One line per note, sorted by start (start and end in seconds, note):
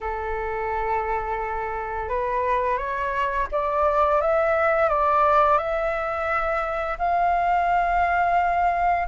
0.00 2.09 A4
2.09 2.77 B4
2.77 3.47 C#5
3.51 4.21 D5
4.21 4.88 E5
4.88 5.58 D5
5.58 6.97 E5
6.98 9.07 F5